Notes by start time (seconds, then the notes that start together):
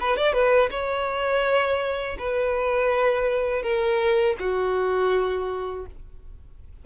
0.00 B4
0.16 D5
0.33 B4
0.71 C#5
2.19 B4
3.63 A#4
4.39 F#4